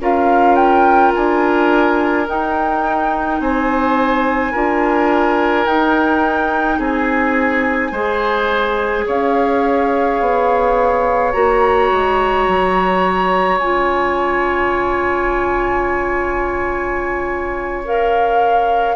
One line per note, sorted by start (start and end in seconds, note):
0.00 1.13 C#4
0.00 2.27 F4
0.00 3.41 A#4
0.00 0.56 F5
0.56 1.12 G5
1.15 2.28 D4
1.15 2.28 G#5
2.28 4.54 D#4
2.28 3.40 D#4
2.28 3.41 G5
3.40 4.53 C4
3.40 4.52 C5
3.40 5.67 G#5
4.52 5.67 D4
4.52 5.66 F4
4.52 6.79 A#4
5.66 7.93 D#4
5.66 6.79 D#4
5.66 6.80 G5
6.79 7.92 C4
6.79 7.92 G#4
6.79 9.08 G#5
7.92 9.05 G#3
7.92 11.33 G#4
7.92 9.05 C5
9.07 10.21 C#4
9.07 18.96 C#5
9.07 11.33 F5
10.21 11.34 B3
11.33 11.91 A#3
11.33 13.60 F#4
11.33 13.59 A#5
11.92 12.48 G#3
12.48 13.60 F#3
13.59 18.96 C#4
13.59 17.85 F4
13.59 17.84 G#5
17.85 18.96 A#4
17.85 18.96 F5